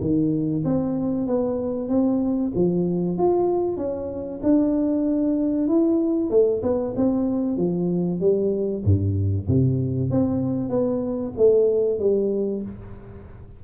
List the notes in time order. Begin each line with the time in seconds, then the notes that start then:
0.00 D#3
0.64 C4
1.27 B3
1.88 C4
2.55 F3
3.18 F4
3.76 C#4
4.42 D4
5.67 E4
6.30 A3
6.62 B3
6.96 C4
7.57 F3
8.20 G3
8.84 G2
9.48 C3
10.10 C4
10.69 B3
11.37 A3
11.99 G3